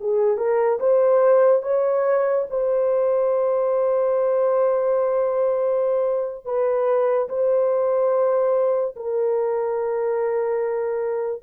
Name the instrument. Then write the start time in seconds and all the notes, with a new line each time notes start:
horn
0.00 G#4
0.37 A#4
0.79 C5
1.62 C#5
2.50 C5
6.45 B4
7.28 C5
8.95 A#4